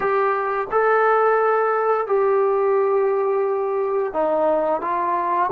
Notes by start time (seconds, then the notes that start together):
0.00 G4
0.71 A4
2.06 G4
4.13 D#4
4.81 F4